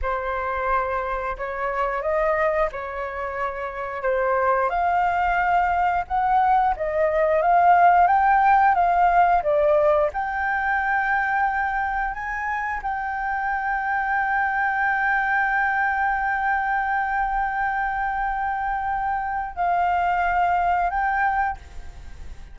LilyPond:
\new Staff \with { instrumentName = "flute" } { \time 4/4 \tempo 4 = 89 c''2 cis''4 dis''4 | cis''2 c''4 f''4~ | f''4 fis''4 dis''4 f''4 | g''4 f''4 d''4 g''4~ |
g''2 gis''4 g''4~ | g''1~ | g''1~ | g''4 f''2 g''4 | }